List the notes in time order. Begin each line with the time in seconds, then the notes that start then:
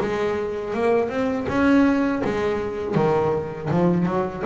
0.00 G#3
0.74 A#3
1.09 C4
1.48 C#4
2.24 G#3
2.95 D#3
3.70 F3
4.06 F#3